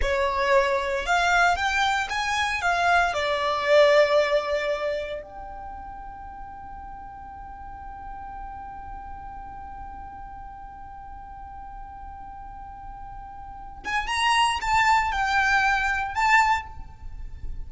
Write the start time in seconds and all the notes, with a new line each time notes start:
0.01 C#5
1.06 F5
1.56 G5
2.09 G#5
2.61 F5
3.13 D5
5.22 G5
13.84 G#5
14.07 A#5
14.61 A5
15.12 G5
16.14 A5